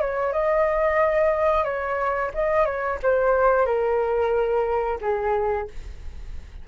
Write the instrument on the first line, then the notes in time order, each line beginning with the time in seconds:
flute
0.00 C#5
0.32 D#5
1.64 C#5
2.34 D#5
2.65 C#5
3.02 C5
3.65 A#4
5.01 G#4